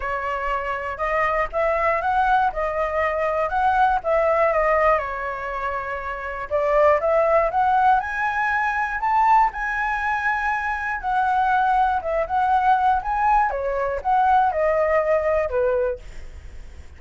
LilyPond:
\new Staff \with { instrumentName = "flute" } { \time 4/4 \tempo 4 = 120 cis''2 dis''4 e''4 | fis''4 dis''2 fis''4 | e''4 dis''4 cis''2~ | cis''4 d''4 e''4 fis''4 |
gis''2 a''4 gis''4~ | gis''2 fis''2 | e''8 fis''4. gis''4 cis''4 | fis''4 dis''2 b'4 | }